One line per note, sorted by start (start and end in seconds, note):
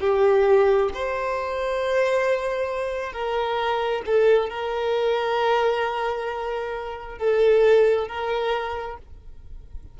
0.00 0.90 G4
0.94 3.13 C5
3.13 4.02 A#4
4.06 4.49 A4
4.49 7.18 A#4
7.18 8.08 A4
8.08 8.98 A#4